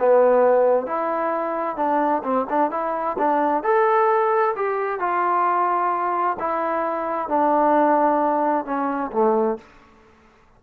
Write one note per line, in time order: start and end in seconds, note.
0.00 0.87 B3
0.87 1.77 E4
1.77 2.23 D4
2.24 2.47 C4
2.50 2.71 D4
2.71 3.17 E4
3.19 3.63 D4
3.63 4.55 A4
4.57 5.00 G4
5.00 6.38 F4
6.40 7.29 E4
7.29 8.66 D4
8.66 9.12 C#4
9.12 9.58 A3